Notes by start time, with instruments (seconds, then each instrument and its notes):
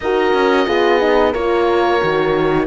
0.00 cello D#4, horn F#4 A#4, oboe D#5
0.33 cello C#4
0.66 cello B3, horn F4 G#4
0.99 horn D#4
1.31 cello A#3, horn F4 A#4, oboe C#5
2.00 cello D#3, horn F#4